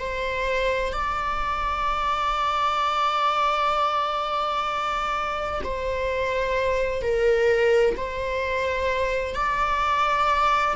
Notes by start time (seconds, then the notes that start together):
0.00 C5
0.93 D5
5.64 C5
7.02 A#4
7.97 C5
9.35 D5